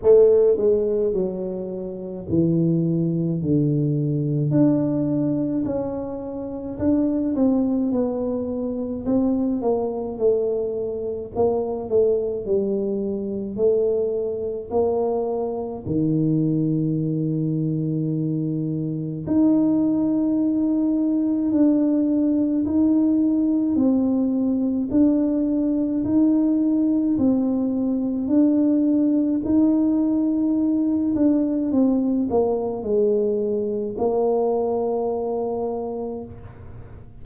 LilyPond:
\new Staff \with { instrumentName = "tuba" } { \time 4/4 \tempo 4 = 53 a8 gis8 fis4 e4 d4 | d'4 cis'4 d'8 c'8 b4 | c'8 ais8 a4 ais8 a8 g4 | a4 ais4 dis2~ |
dis4 dis'2 d'4 | dis'4 c'4 d'4 dis'4 | c'4 d'4 dis'4. d'8 | c'8 ais8 gis4 ais2 | }